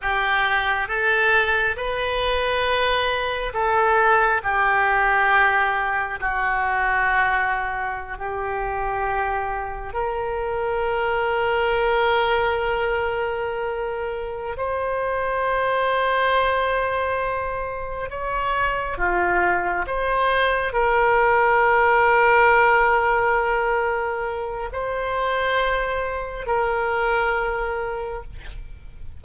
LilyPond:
\new Staff \with { instrumentName = "oboe" } { \time 4/4 \tempo 4 = 68 g'4 a'4 b'2 | a'4 g'2 fis'4~ | fis'4~ fis'16 g'2 ais'8.~ | ais'1~ |
ais'8 c''2.~ c''8~ | c''8 cis''4 f'4 c''4 ais'8~ | ais'1 | c''2 ais'2 | }